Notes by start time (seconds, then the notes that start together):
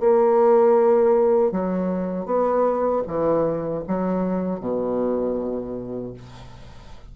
0.00 A#3
1.52 F#3
2.26 B3
3.07 E3
3.88 F#3
4.60 B2